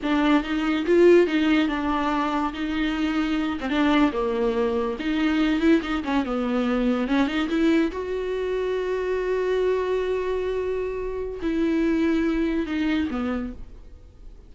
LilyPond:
\new Staff \with { instrumentName = "viola" } { \time 4/4 \tempo 4 = 142 d'4 dis'4 f'4 dis'4 | d'2 dis'2~ | dis'8 c'16 d'4 ais2 dis'16~ | dis'4~ dis'16 e'8 dis'8 cis'8 b4~ b16~ |
b8. cis'8 dis'8 e'4 fis'4~ fis'16~ | fis'1~ | fis'2. e'4~ | e'2 dis'4 b4 | }